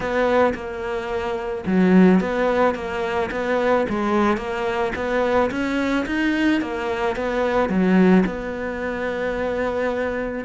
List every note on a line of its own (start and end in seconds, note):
0.00 0.53 B3
0.54 1.64 A#3
1.66 2.20 F#3
2.20 2.74 B3
2.74 3.30 A#3
3.31 3.86 B3
3.89 4.37 G#3
4.37 4.92 A#3
4.95 5.50 B3
5.50 6.06 C#4
6.06 6.61 D#4
6.61 7.16 A#3
7.16 7.69 B3
7.69 8.24 F#3
8.26 10.44 B3